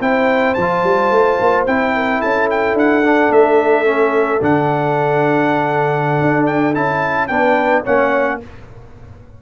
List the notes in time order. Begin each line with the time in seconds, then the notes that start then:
0.00 C4 E4 C5 G5
0.54 F3 A5
0.61 F4
0.83 G3
1.10 A3
1.40 A#3
1.66 C4 E4 G5
1.95 A#4
2.19 C#4 A4 A5
2.50 G5
2.74 D4 F#5
3.03 D4
3.29 A3 E5
3.85 C#4
4.41 D3 D4 F#5
6.21 D4
6.46 G5
6.73 C#4 E4 A5
7.27 B3 D4 B4 G5
7.83 A#3 C#4 C#5 F#5